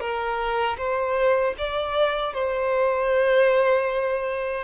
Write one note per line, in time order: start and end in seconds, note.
0.00 0.77 A#4
0.78 1.55 C5
1.58 2.34 D5
2.34 4.64 C5